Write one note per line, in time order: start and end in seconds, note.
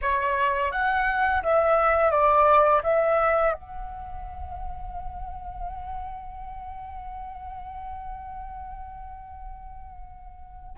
0.01 0.71 C#5
0.71 1.42 F#5
1.42 2.10 E5
2.10 2.81 D5
2.83 3.53 E5
3.53 10.76 F#5